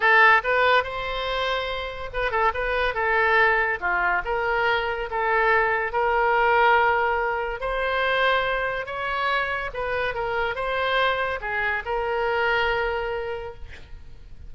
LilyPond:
\new Staff \with { instrumentName = "oboe" } { \time 4/4 \tempo 4 = 142 a'4 b'4 c''2~ | c''4 b'8 a'8 b'4 a'4~ | a'4 f'4 ais'2 | a'2 ais'2~ |
ais'2 c''2~ | c''4 cis''2 b'4 | ais'4 c''2 gis'4 | ais'1 | }